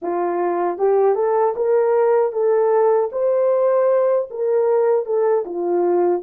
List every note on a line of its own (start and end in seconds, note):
0.02 0.78 F4
0.78 1.15 G4
1.15 1.54 A4
1.55 2.32 A#4
2.32 3.10 A4
3.12 4.29 C5
4.30 5.05 A#4
5.05 5.44 A4
5.45 6.22 F4